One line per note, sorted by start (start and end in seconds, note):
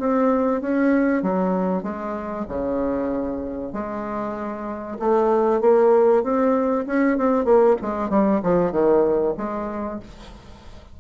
0.00 0.61 C4
0.61 1.23 C#4
1.23 1.83 F#3
1.83 2.46 G#3
2.49 3.73 C#3
3.73 4.98 G#3
4.99 5.61 A3
5.61 6.24 A#3
6.24 6.86 C4
6.87 7.18 C#4
7.18 7.45 C4
7.45 7.77 A#3
7.82 8.10 G#3
8.10 8.41 G3
8.43 8.72 F3
8.72 9.35 D#3
9.38 10.00 G#3